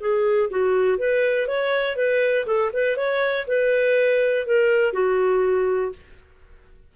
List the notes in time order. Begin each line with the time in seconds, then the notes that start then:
0.00 G#4
0.50 F#4
0.98 B4
1.48 C#5
1.96 B4
2.46 A4
2.73 B4
2.96 C#5
3.47 B4
4.46 A#4
4.93 F#4